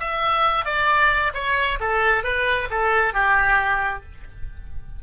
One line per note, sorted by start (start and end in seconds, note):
0.00 0.65 E5
0.65 1.32 D5
1.34 1.79 C#5
1.80 2.24 A4
2.24 2.68 B4
2.70 3.14 A4
3.14 4.03 G4